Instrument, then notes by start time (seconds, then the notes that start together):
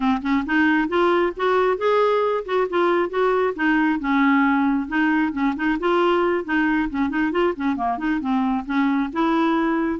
clarinet
0.00 C4
0.22 C#4
0.46 D#4
0.88 F4
1.36 F#4
1.77 G#4
2.45 F#4
2.69 F4
3.09 F#4
3.55 D#4
3.99 C#4
4.88 D#4
5.32 C#4
5.56 D#4
5.79 F4
6.44 D#4
6.89 C#4
7.09 D#4
7.31 F4
7.56 C#4
7.76 A#3
7.98 D#4
8.20 C4
8.65 C#4
9.12 E4